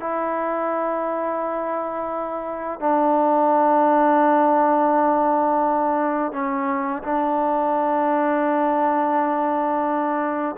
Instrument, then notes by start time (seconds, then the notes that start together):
trombone
0.00 E4
2.80 D4
6.32 C#4
7.03 D4